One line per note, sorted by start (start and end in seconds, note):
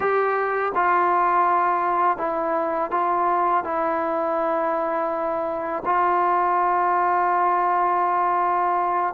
0.00 0.72 G4
0.75 2.18 F4
2.18 2.91 E4
2.91 3.64 F4
3.64 5.83 E4
5.85 9.14 F4